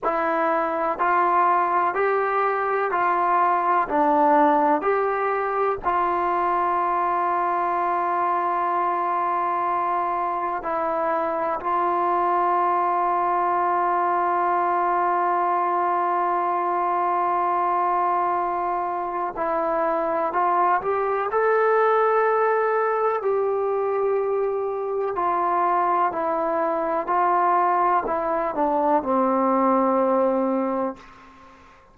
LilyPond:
\new Staff \with { instrumentName = "trombone" } { \time 4/4 \tempo 4 = 62 e'4 f'4 g'4 f'4 | d'4 g'4 f'2~ | f'2. e'4 | f'1~ |
f'1 | e'4 f'8 g'8 a'2 | g'2 f'4 e'4 | f'4 e'8 d'8 c'2 | }